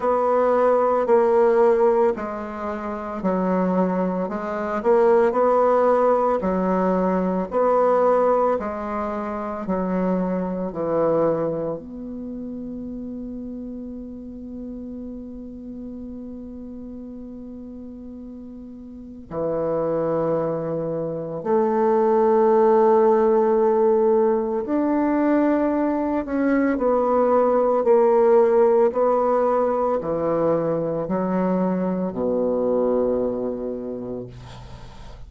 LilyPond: \new Staff \with { instrumentName = "bassoon" } { \time 4/4 \tempo 4 = 56 b4 ais4 gis4 fis4 | gis8 ais8 b4 fis4 b4 | gis4 fis4 e4 b4~ | b1~ |
b2 e2 | a2. d'4~ | d'8 cis'8 b4 ais4 b4 | e4 fis4 b,2 | }